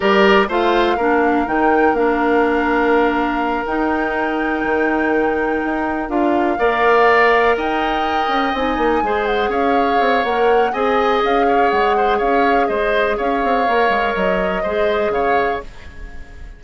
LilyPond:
<<
  \new Staff \with { instrumentName = "flute" } { \time 4/4 \tempo 4 = 123 d''4 f''2 g''4 | f''2.~ f''8 g''8~ | g''1~ | g''8 f''2. g''8~ |
g''4. gis''4. fis''8 f''8~ | f''4 fis''4 gis''4 f''4 | fis''4 f''4 dis''4 f''4~ | f''4 dis''2 f''4 | }
  \new Staff \with { instrumentName = "oboe" } { \time 4/4 ais'4 c''4 ais'2~ | ais'1~ | ais'1~ | ais'4. d''2 dis''8~ |
dis''2~ dis''8 c''4 cis''8~ | cis''2 dis''4. cis''8~ | cis''8 c''8 cis''4 c''4 cis''4~ | cis''2 c''4 cis''4 | }
  \new Staff \with { instrumentName = "clarinet" } { \time 4/4 g'4 f'4 d'4 dis'4 | d'2.~ d'8 dis'8~ | dis'1~ | dis'8 f'4 ais'2~ ais'8~ |
ais'4. dis'4 gis'4.~ | gis'4 ais'4 gis'2~ | gis'1 | ais'2 gis'2 | }
  \new Staff \with { instrumentName = "bassoon" } { \time 4/4 g4 a4 ais4 dis4 | ais2.~ ais8 dis'8~ | dis'4. dis2 dis'8~ | dis'8 d'4 ais2 dis'8~ |
dis'4 cis'8 c'8 ais8 gis4 cis'8~ | cis'8 c'8 ais4 c'4 cis'4 | gis4 cis'4 gis4 cis'8 c'8 | ais8 gis8 fis4 gis4 cis4 | }
>>